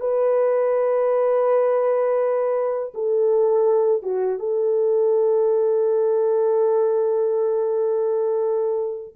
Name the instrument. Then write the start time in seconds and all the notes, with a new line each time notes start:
horn
0.00 B4
2.94 A4
4.02 F#4
4.39 A4